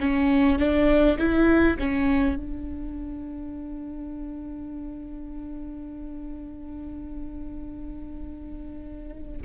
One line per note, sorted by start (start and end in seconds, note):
0.00 0.59 C#4
0.59 1.18 D4
1.18 1.77 E4
1.79 2.36 C#4
2.36 9.42 D4